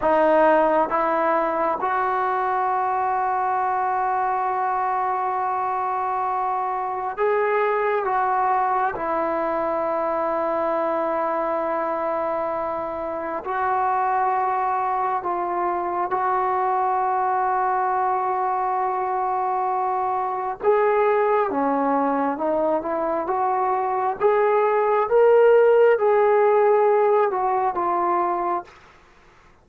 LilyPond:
\new Staff \with { instrumentName = "trombone" } { \time 4/4 \tempo 4 = 67 dis'4 e'4 fis'2~ | fis'1 | gis'4 fis'4 e'2~ | e'2. fis'4~ |
fis'4 f'4 fis'2~ | fis'2. gis'4 | cis'4 dis'8 e'8 fis'4 gis'4 | ais'4 gis'4. fis'8 f'4 | }